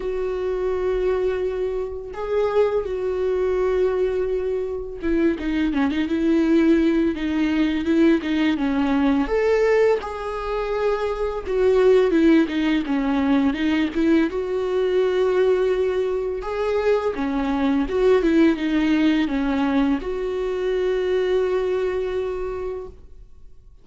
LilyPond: \new Staff \with { instrumentName = "viola" } { \time 4/4 \tempo 4 = 84 fis'2. gis'4 | fis'2. e'8 dis'8 | cis'16 dis'16 e'4. dis'4 e'8 dis'8 | cis'4 a'4 gis'2 |
fis'4 e'8 dis'8 cis'4 dis'8 e'8 | fis'2. gis'4 | cis'4 fis'8 e'8 dis'4 cis'4 | fis'1 | }